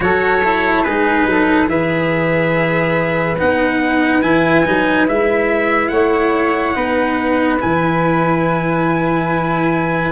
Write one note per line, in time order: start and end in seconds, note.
0.00 0.83 F#3
0.00 0.41 F#4
0.00 0.84 A4
0.00 0.83 C#5
0.44 0.86 E4
0.83 1.26 G#3
0.83 1.66 D#4
0.83 1.27 G#4
0.83 1.67 B4
1.26 1.67 F#3
1.26 1.69 A4
1.66 3.36 E3
1.66 3.35 G#4
1.66 5.92 B4
1.66 3.38 E5
3.38 4.22 B3
3.38 4.22 D#4
3.38 4.21 F#5
4.21 4.64 E3
4.21 4.64 E4
4.21 5.06 G#5
4.65 5.08 F#3
4.65 5.07 D#4
5.07 5.90 G#3
5.07 6.74 E4
5.07 5.88 E5
5.88 6.75 A3
5.88 6.75 C#5
5.88 7.57 F#5
6.74 7.60 B3
6.74 7.58 D#4
6.74 10.11 B4
7.59 10.11 E3
7.59 10.11 E4
7.59 10.11 G#5